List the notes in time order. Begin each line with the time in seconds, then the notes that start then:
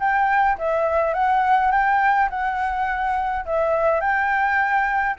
0.00 G5
0.58 E5
1.14 F#5
1.72 G5
2.30 F#5
3.45 E5
4.00 G5